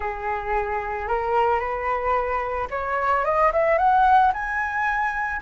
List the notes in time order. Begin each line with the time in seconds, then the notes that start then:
0.00 G#4
1.08 A#4
1.59 B4
2.70 C#5
3.24 D#5
3.52 E5
3.78 F#5
4.33 G#5